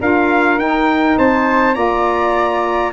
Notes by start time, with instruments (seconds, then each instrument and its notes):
0.00 tuba D4, saxophone F4, flute A#4, trumpet F5
0.57 tuba D#4, saxophone D#4, trumpet G5
1.18 tuba C4, flute C5, trumpet A5
1.74 tuba A#3, saxophone F4, flute D5, trumpet A#5